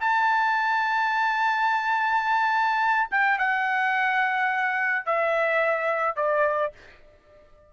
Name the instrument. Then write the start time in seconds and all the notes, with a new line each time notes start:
trumpet
0.00 A5
3.10 G5
3.38 F#5
5.05 E5
6.16 D5